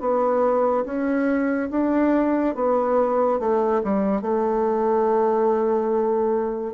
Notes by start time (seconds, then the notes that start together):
0.00 B3
0.85 C#4
1.70 D4
2.54 B3
3.39 A3
3.83 G3
4.21 A3